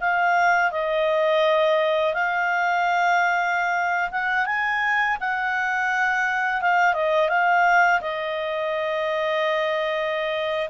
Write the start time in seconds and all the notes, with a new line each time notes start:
0.00 F5
0.71 D#5
2.14 F5
4.11 F#5
4.46 G#5
5.20 F#5
6.61 F5
6.94 D#5
7.29 F5
8.01 D#5